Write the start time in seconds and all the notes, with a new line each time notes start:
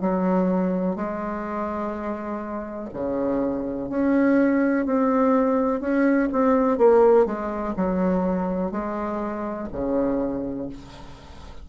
0.00 F#3
0.95 G#3
2.93 C#3
3.89 C#4
4.85 C4
5.80 C#4
6.32 C4
6.77 A#3
7.25 G#3
7.76 F#3
8.71 G#3
9.72 C#3